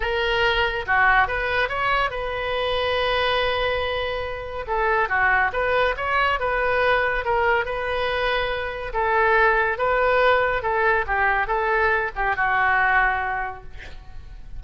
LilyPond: \new Staff \with { instrumentName = "oboe" } { \time 4/4 \tempo 4 = 141 ais'2 fis'4 b'4 | cis''4 b'2.~ | b'2. a'4 | fis'4 b'4 cis''4 b'4~ |
b'4 ais'4 b'2~ | b'4 a'2 b'4~ | b'4 a'4 g'4 a'4~ | a'8 g'8 fis'2. | }